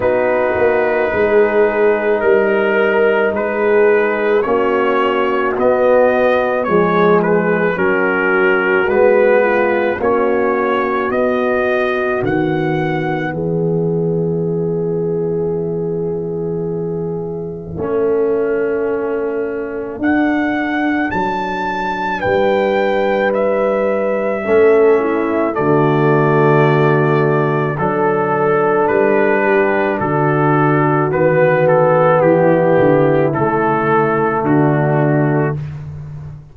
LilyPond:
<<
  \new Staff \with { instrumentName = "trumpet" } { \time 4/4 \tempo 4 = 54 b'2 ais'4 b'4 | cis''4 dis''4 cis''8 b'8 ais'4 | b'4 cis''4 dis''4 fis''4 | e''1~ |
e''2 fis''4 a''4 | g''4 e''2 d''4~ | d''4 a'4 b'4 a'4 | b'8 a'8 g'4 a'4 fis'4 | }
  \new Staff \with { instrumentName = "horn" } { \time 4/4 fis'4 gis'4 ais'4 gis'4 | fis'2 gis'4 fis'4~ | fis'8 f'8 fis'2. | gis'1 |
a'1 | b'2 a'8 e'8 fis'4~ | fis'4 a'4. g'8 fis'4~ | fis'4 e'2 d'4 | }
  \new Staff \with { instrumentName = "trombone" } { \time 4/4 dis'1 | cis'4 b4 gis4 cis'4 | b4 cis'4 b2~ | b1 |
cis'2 d'2~ | d'2 cis'4 a4~ | a4 d'2. | b2 a2 | }
  \new Staff \with { instrumentName = "tuba" } { \time 4/4 b8 ais8 gis4 g4 gis4 | ais4 b4 f4 fis4 | gis4 ais4 b4 dis4 | e1 |
a2 d'4 fis4 | g2 a4 d4~ | d4 fis4 g4 d4 | dis4 e8 d8 cis4 d4 | }
>>